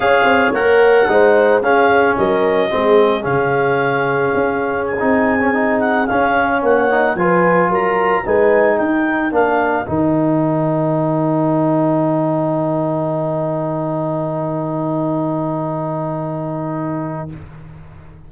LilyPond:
<<
  \new Staff \with { instrumentName = "clarinet" } { \time 4/4 \tempo 4 = 111 f''4 fis''2 f''4 | dis''2 f''2~ | f''4 gis''4.~ gis''16 fis''8 f''8.~ | f''16 fis''4 gis''4 ais''4 gis''8.~ |
gis''16 g''4 f''4 g''4.~ g''16~ | g''1~ | g''1~ | g''1 | }
  \new Staff \with { instrumentName = "horn" } { \time 4/4 cis''2 c''4 gis'4 | ais'4 gis'2.~ | gis'1~ | gis'16 cis''4 b'4 ais'4 b'8.~ |
b'16 ais'2.~ ais'8.~ | ais'1~ | ais'1~ | ais'1 | }
  \new Staff \with { instrumentName = "trombone" } { \time 4/4 gis'4 ais'4 dis'4 cis'4~ | cis'4 c'4 cis'2~ | cis'4~ cis'16 dis'8. cis'16 dis'4 cis'8.~ | cis'8. dis'8 f'2 dis'8.~ |
dis'4~ dis'16 d'4 dis'4.~ dis'16~ | dis'1~ | dis'1~ | dis'1 | }
  \new Staff \with { instrumentName = "tuba" } { \time 4/4 cis'8 c'8 ais4 gis4 cis'4 | fis4 gis4 cis2 | cis'4~ cis'16 c'2 cis'8.~ | cis'16 ais4 f4 fis4 gis8.~ |
gis16 dis'4 ais4 dis4.~ dis16~ | dis1~ | dis1~ | dis1 | }
>>